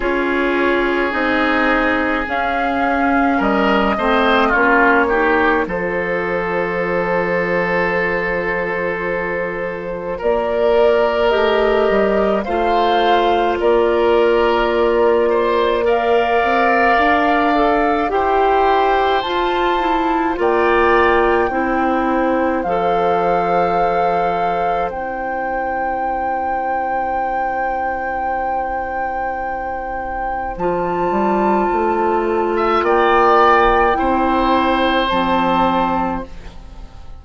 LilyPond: <<
  \new Staff \with { instrumentName = "flute" } { \time 4/4 \tempo 4 = 53 cis''4 dis''4 f''4 dis''4 | cis''4 c''2.~ | c''4 d''4 dis''4 f''4 | d''2 f''2 |
g''4 a''4 g''2 | f''2 g''2~ | g''2. a''4~ | a''4 g''2 a''4 | }
  \new Staff \with { instrumentName = "oboe" } { \time 4/4 gis'2. ais'8 c''8 | f'8 g'8 a'2.~ | a'4 ais'2 c''4 | ais'4. c''8 d''2 |
c''2 d''4 c''4~ | c''1~ | c''1~ | c''8. e''16 d''4 c''2 | }
  \new Staff \with { instrumentName = "clarinet" } { \time 4/4 f'4 dis'4 cis'4. c'8 | cis'8 dis'8 f'2.~ | f'2 g'4 f'4~ | f'2 ais'4. a'8 |
g'4 f'8 e'8 f'4 e'4 | a'2 e'2~ | e'2. f'4~ | f'2 e'4 c'4 | }
  \new Staff \with { instrumentName = "bassoon" } { \time 4/4 cis'4 c'4 cis'4 g8 a8 | ais4 f2.~ | f4 ais4 a8 g8 a4 | ais2~ ais8 c'8 d'4 |
e'4 f'4 ais4 c'4 | f2 c'2~ | c'2. f8 g8 | a4 ais4 c'4 f4 | }
>>